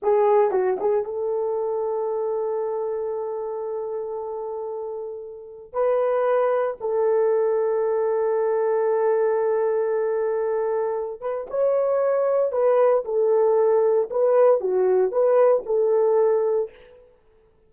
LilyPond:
\new Staff \with { instrumentName = "horn" } { \time 4/4 \tempo 4 = 115 gis'4 fis'8 gis'8 a'2~ | a'1~ | a'2. b'4~ | b'4 a'2.~ |
a'1~ | a'4. b'8 cis''2 | b'4 a'2 b'4 | fis'4 b'4 a'2 | }